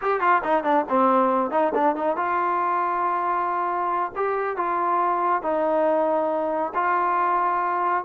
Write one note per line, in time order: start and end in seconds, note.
0.01 0.20 G4
0.20 0.42 F4
0.43 0.63 D#4
0.63 0.85 D4
0.89 1.51 C4
1.51 1.72 D#4
1.74 1.95 D4
1.95 2.16 D#4
2.16 4.12 F4
4.16 4.57 G4
4.57 5.42 F4
5.42 6.72 D#4
6.74 8.04 F4